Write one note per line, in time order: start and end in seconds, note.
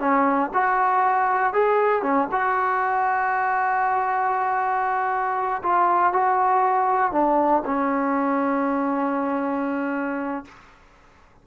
0.00 0.51 C#4
0.54 1.53 F#4
1.53 2.03 G#4
2.03 2.28 C#4
2.32 5.62 F#4
5.63 6.13 F4
6.13 7.12 F#4
7.12 7.63 D4
7.66 10.45 C#4